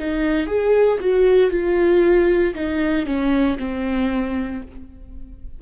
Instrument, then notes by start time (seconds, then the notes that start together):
viola
0.00 D#4
0.47 G#4
1.00 F#4
1.51 F4
2.55 D#4
3.06 C#4
3.59 C4